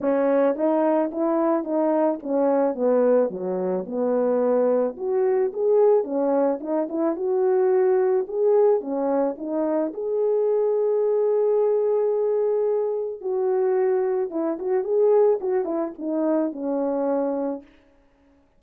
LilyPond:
\new Staff \with { instrumentName = "horn" } { \time 4/4 \tempo 4 = 109 cis'4 dis'4 e'4 dis'4 | cis'4 b4 fis4 b4~ | b4 fis'4 gis'4 cis'4 | dis'8 e'8 fis'2 gis'4 |
cis'4 dis'4 gis'2~ | gis'1 | fis'2 e'8 fis'8 gis'4 | fis'8 e'8 dis'4 cis'2 | }